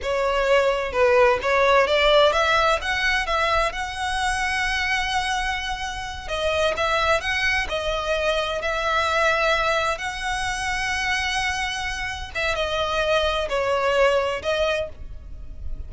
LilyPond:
\new Staff \with { instrumentName = "violin" } { \time 4/4 \tempo 4 = 129 cis''2 b'4 cis''4 | d''4 e''4 fis''4 e''4 | fis''1~ | fis''4. dis''4 e''4 fis''8~ |
fis''8 dis''2 e''4.~ | e''4. fis''2~ fis''8~ | fis''2~ fis''8 e''8 dis''4~ | dis''4 cis''2 dis''4 | }